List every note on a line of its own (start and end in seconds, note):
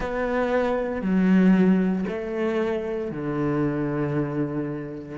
0.00 1.01 B3
1.01 2.05 F#3
2.08 3.10 A3
3.10 5.17 D3